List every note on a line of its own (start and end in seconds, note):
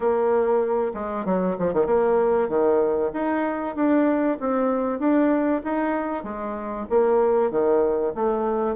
0.00 0.91 A#3
0.94 1.25 G#3
1.25 1.56 F#3
1.58 1.73 F3
1.73 1.86 D#3
1.86 2.48 A#3
2.48 3.11 D#3
3.13 3.75 D#4
3.75 4.38 D4
4.40 4.99 C4
4.99 5.61 D4
5.64 6.23 D#4
6.23 6.86 G#3
6.89 7.50 A#3
7.50 8.13 D#3
8.14 8.75 A3